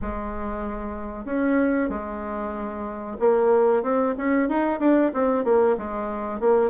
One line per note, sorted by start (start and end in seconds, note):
0.01 1.25 G#3
1.25 1.89 C#4
1.89 3.17 G#3
3.19 3.82 A#3
3.82 4.14 C4
4.17 4.49 C#4
4.49 4.79 D#4
4.79 5.11 D4
5.13 5.44 C4
5.44 5.76 A#3
5.77 6.40 G#3
6.40 6.70 A#3